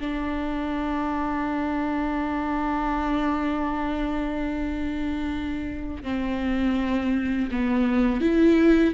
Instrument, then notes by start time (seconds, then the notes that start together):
viola
0.00 D4
6.03 C4
7.51 B3
8.21 E4